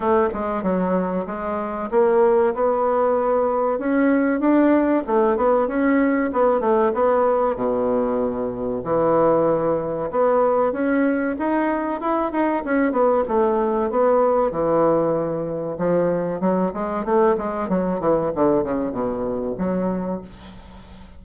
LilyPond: \new Staff \with { instrumentName = "bassoon" } { \time 4/4 \tempo 4 = 95 a8 gis8 fis4 gis4 ais4 | b2 cis'4 d'4 | a8 b8 cis'4 b8 a8 b4 | b,2 e2 |
b4 cis'4 dis'4 e'8 dis'8 | cis'8 b8 a4 b4 e4~ | e4 f4 fis8 gis8 a8 gis8 | fis8 e8 d8 cis8 b,4 fis4 | }